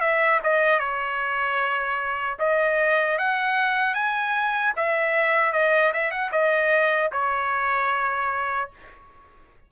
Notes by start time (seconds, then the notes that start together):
0.00 E5
0.43 D#5
0.79 C#5
2.39 D#5
3.18 F#5
3.94 G#5
4.76 E5
5.53 D#5
5.93 E5
6.11 F#5
6.32 D#5
7.12 C#5